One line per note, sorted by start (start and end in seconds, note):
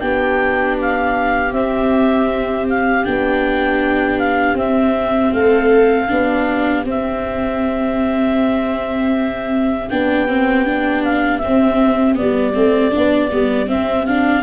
0.00 1.52 B3
0.00 1.52 D4
0.00 5.33 G4
0.00 0.76 G5
0.81 1.53 F5
1.52 3.04 C4
1.52 2.67 E5
2.69 3.05 F5
3.04 4.54 B3
3.04 4.56 D4
3.04 4.19 G5
4.19 4.56 F5
4.54 5.30 C4
4.54 6.08 C4
4.54 5.33 E5
5.33 6.09 A3
5.33 6.10 A4
5.33 6.85 F5
6.08 6.84 B3
6.08 6.84 D4
6.08 14.43 G4
6.84 9.88 C4
6.84 9.90 C4
6.84 9.89 E5
9.89 11.43 B3
9.89 10.28 D4
9.89 11.03 G5
10.28 10.65 C4
10.65 11.41 D4
11.03 11.38 F5
11.38 12.15 C4
11.38 12.14 E5
11.44 12.20 C4
12.15 12.53 B3
12.15 13.69 D5
12.21 12.55 G3
12.54 12.93 A3
12.54 12.91 C4
12.91 13.31 B3
12.91 13.29 D4
13.31 13.69 G3
13.31 13.66 B3
13.66 14.04 C4
13.66 14.43 C4
13.66 14.06 E5
14.06 14.43 D4
14.06 14.43 F5